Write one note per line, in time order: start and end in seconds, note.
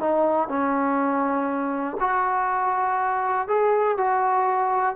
0.00 0.49 D#4
0.49 1.97 C#4
2.00 3.48 F#4
3.48 3.98 G#4
3.98 4.96 F#4